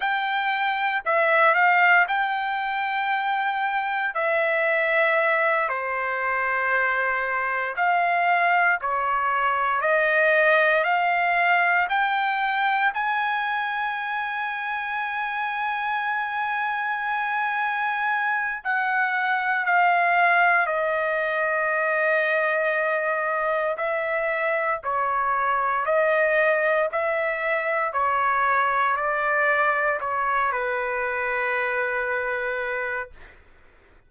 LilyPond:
\new Staff \with { instrumentName = "trumpet" } { \time 4/4 \tempo 4 = 58 g''4 e''8 f''8 g''2 | e''4. c''2 f''8~ | f''8 cis''4 dis''4 f''4 g''8~ | g''8 gis''2.~ gis''8~ |
gis''2 fis''4 f''4 | dis''2. e''4 | cis''4 dis''4 e''4 cis''4 | d''4 cis''8 b'2~ b'8 | }